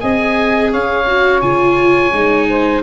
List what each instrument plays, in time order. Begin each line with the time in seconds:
0.00 tuba C4, viola G#4, saxophone D#5, oboe G#5
0.71 tuba C#4, saxophone C#5, oboe F5
1.07 viola F#4
1.41 tuba C#3, viola F4, oboe G#5
2.13 tuba G#3, viola D#4
2.49 saxophone C5